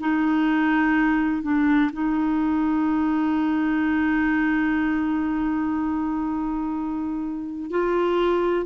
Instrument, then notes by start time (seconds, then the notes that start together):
clarinet
0.00 D#4
1.42 D4
1.93 D#4
7.71 F4